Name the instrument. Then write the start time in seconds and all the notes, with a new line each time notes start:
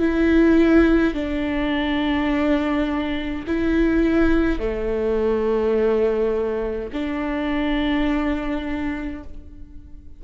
viola
0.00 E4
1.14 D4
3.47 E4
4.59 A3
6.93 D4